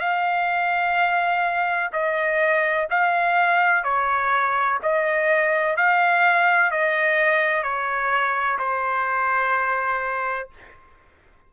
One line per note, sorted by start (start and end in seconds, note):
0.00 1.90 F5
1.93 2.88 D#5
2.90 3.84 F5
3.84 4.79 C#5
4.83 5.77 D#5
5.77 6.71 F5
6.71 7.63 D#5
7.63 8.58 C#5
8.58 10.49 C5